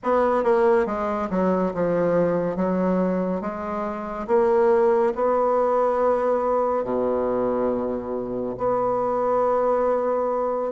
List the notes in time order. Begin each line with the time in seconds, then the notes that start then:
0.03 B3
0.43 A#3
0.86 G#3
1.29 F#3
1.74 F3
2.56 F#3
3.41 G#3
4.27 A#3
5.15 B3
6.84 B2
8.57 B3